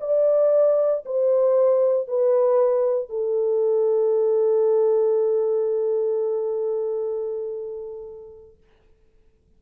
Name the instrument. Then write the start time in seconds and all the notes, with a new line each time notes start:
horn
0.00 D5
1.06 C5
2.08 B4
3.09 A4